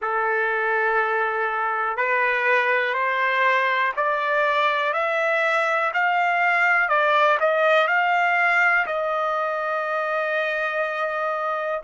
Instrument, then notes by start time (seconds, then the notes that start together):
trumpet
0.01 A4
1.96 B4
2.94 C5
3.96 D5
4.93 E5
5.93 F5
6.89 D5
7.40 D#5
7.87 F5
8.86 D#5